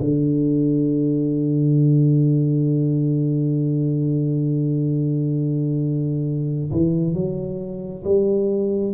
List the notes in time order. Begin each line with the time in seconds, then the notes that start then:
0.00 D3
6.72 E3
7.14 F#3
8.04 G3